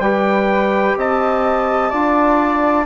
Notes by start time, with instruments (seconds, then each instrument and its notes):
0.00 bassoon G3, trombone G4, flute B4, trumpet G5
0.97 bassoon C4, flute D#5, trumpet A5
1.90 bassoon D4, trombone F4, flute D5